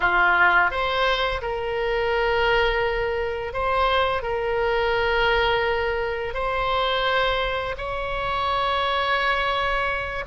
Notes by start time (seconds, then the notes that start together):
0.00 F4
0.70 C5
1.41 A#4
3.53 C5
4.22 A#4
6.33 C5
7.77 C#5